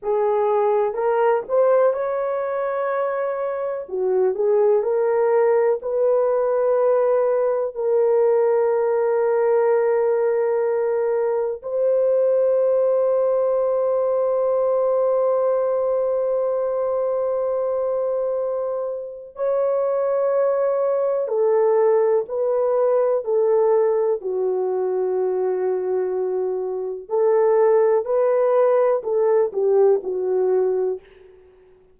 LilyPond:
\new Staff \with { instrumentName = "horn" } { \time 4/4 \tempo 4 = 62 gis'4 ais'8 c''8 cis''2 | fis'8 gis'8 ais'4 b'2 | ais'1 | c''1~ |
c''1 | cis''2 a'4 b'4 | a'4 fis'2. | a'4 b'4 a'8 g'8 fis'4 | }